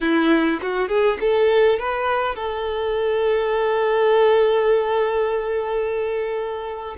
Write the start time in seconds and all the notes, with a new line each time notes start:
0.00 E4
0.61 F#4
0.88 G#4
1.20 A4
1.79 B4
2.35 A4